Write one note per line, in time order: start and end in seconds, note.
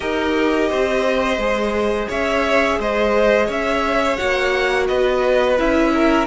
0.00 0.70 D#4
0.00 1.39 G4
0.00 0.69 A#4
0.00 2.09 D#5
0.69 1.37 C4
0.69 2.08 C5
1.37 2.07 G#3
1.37 4.17 G#4
2.08 2.78 C#4
2.08 2.78 C#5
2.08 2.81 E5
2.78 3.48 G#3
2.78 3.46 C5
2.78 3.50 D#5
3.46 4.18 C#4
3.46 4.85 C#5
3.46 4.17 E5
4.17 4.89 A#3
4.17 5.56 F#4
4.17 4.86 F#5
4.87 5.59 B3
4.87 5.92 B4
4.87 5.57 D#5
5.57 6.26 C#4
5.57 6.26 E4
5.57 6.26 E5
5.94 6.26 A#4